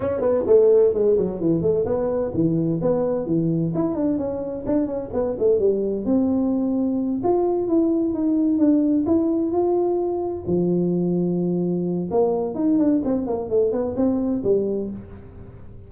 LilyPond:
\new Staff \with { instrumentName = "tuba" } { \time 4/4 \tempo 4 = 129 cis'8 b8 a4 gis8 fis8 e8 a8 | b4 e4 b4 e4 | e'8 d'8 cis'4 d'8 cis'8 b8 a8 | g4 c'2~ c'8 f'8~ |
f'8 e'4 dis'4 d'4 e'8~ | e'8 f'2 f4.~ | f2 ais4 dis'8 d'8 | c'8 ais8 a8 b8 c'4 g4 | }